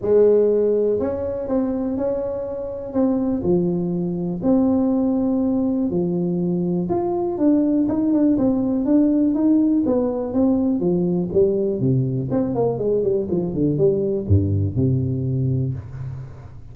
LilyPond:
\new Staff \with { instrumentName = "tuba" } { \time 4/4 \tempo 4 = 122 gis2 cis'4 c'4 | cis'2 c'4 f4~ | f4 c'2. | f2 f'4 d'4 |
dis'8 d'8 c'4 d'4 dis'4 | b4 c'4 f4 g4 | c4 c'8 ais8 gis8 g8 f8 d8 | g4 g,4 c2 | }